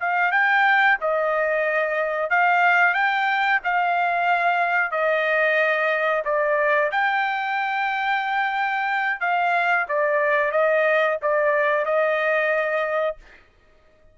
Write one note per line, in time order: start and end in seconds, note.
0.00 0.31 F5
0.31 0.97 G5
1.01 2.30 D#5
2.30 2.94 F5
2.94 3.60 G5
3.64 4.91 F5
4.91 6.23 D#5
6.25 6.91 D5
6.91 9.20 G5
9.20 9.86 F5
9.88 10.51 D5
10.51 11.17 D#5
11.22 11.85 D5
11.85 13.17 D#5